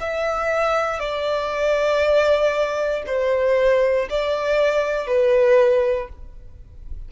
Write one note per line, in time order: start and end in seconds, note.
0.00 0.99 E5
0.99 3.02 D5
3.06 4.08 C5
4.10 5.07 D5
5.07 6.08 B4